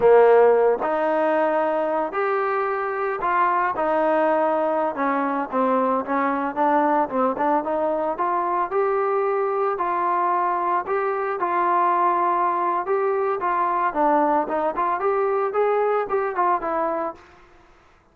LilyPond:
\new Staff \with { instrumentName = "trombone" } { \time 4/4 \tempo 4 = 112 ais4. dis'2~ dis'8 | g'2 f'4 dis'4~ | dis'4~ dis'16 cis'4 c'4 cis'8.~ | cis'16 d'4 c'8 d'8 dis'4 f'8.~ |
f'16 g'2 f'4.~ f'16~ | f'16 g'4 f'2~ f'8. | g'4 f'4 d'4 dis'8 f'8 | g'4 gis'4 g'8 f'8 e'4 | }